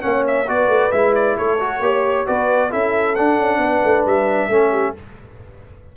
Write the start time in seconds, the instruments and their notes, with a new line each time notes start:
0.00 tuba A#3, trombone C#4, horn C#5, trumpet F#5
0.27 trumpet E5
0.47 tuba B3, trombone F#4, horn B4, trumpet D5
0.68 tuba A3
0.91 tuba G#3, trombone E4, trumpet E5
1.14 trumpet D5
1.37 tuba A3, horn A4, trumpet C#5
1.59 trombone F#4
1.80 tuba A#3, trombone G4, horn C#5
2.26 tuba B3, trombone F#4, horn B4, trumpet D5
2.69 tuba C#4, trombone E4, horn A4, trumpet E5
3.15 trombone D4, tuba D4, trumpet F#5
3.38 tuba C#4
3.57 tuba B3, horn B4
3.84 tuba A3
4.06 tuba G3, trumpet E5
4.48 tuba A3, trombone C#4, horn A4
4.71 horn G4